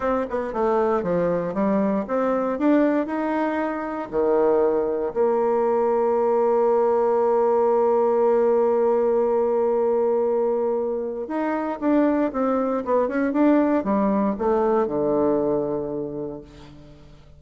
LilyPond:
\new Staff \with { instrumentName = "bassoon" } { \time 4/4 \tempo 4 = 117 c'8 b8 a4 f4 g4 | c'4 d'4 dis'2 | dis2 ais2~ | ais1~ |
ais1~ | ais2 dis'4 d'4 | c'4 b8 cis'8 d'4 g4 | a4 d2. | }